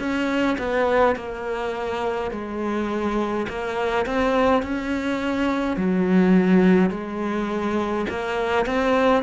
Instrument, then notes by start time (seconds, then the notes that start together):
cello
0.00 C#4
0.59 B3
1.16 A#3
2.31 G#3
3.49 A#3
4.06 C4
4.63 C#4
5.77 F#3
6.91 G#3
8.10 A#3
8.66 C4